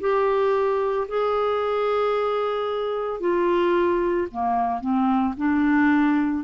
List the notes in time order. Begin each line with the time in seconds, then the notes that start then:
0.00 G4
1.08 G#4
3.20 F4
4.31 A#3
4.80 C4
5.37 D4